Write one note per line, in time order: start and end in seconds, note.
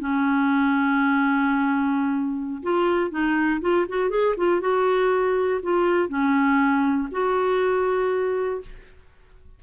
0.00 2.62 C#4
2.63 3.11 F4
3.11 3.61 D#4
3.62 3.87 F4
3.89 4.10 F#4
4.10 4.35 G#4
4.38 4.61 F4
4.61 5.61 F#4
5.63 6.09 F4
6.09 7.09 C#4
7.12 8.62 F#4